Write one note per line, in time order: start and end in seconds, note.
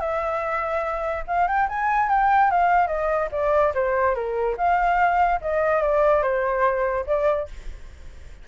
0.00 1.24 E5
1.27 1.48 F5
1.48 1.68 G5
1.69 2.10 G#5
2.10 2.51 G5
2.51 2.87 F5
2.87 3.29 D#5
3.32 3.73 D5
3.74 4.15 C5
4.15 4.56 A#4
4.57 5.40 F5
5.41 5.82 D#5
5.82 6.23 D5
6.23 7.05 C5
7.07 7.48 D5